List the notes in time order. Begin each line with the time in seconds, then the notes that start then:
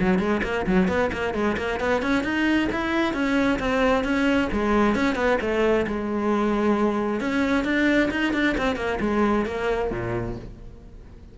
0.00 F#3
0.19 G#3
0.43 A#3
0.67 F#3
0.88 B3
1.13 A#3
1.34 G#3
1.57 A#3
1.80 B3
2.02 C#4
2.24 D#4
2.72 E4
3.14 C#4
3.59 C4
4.04 C#4
4.53 G#3
4.95 C#4
5.15 B3
5.41 A3
5.87 G#3
7.21 C#4
7.64 D4
8.11 D#4
8.33 D4
8.58 C4
8.76 A#3
9.01 G#3
9.46 A#3
9.91 A#2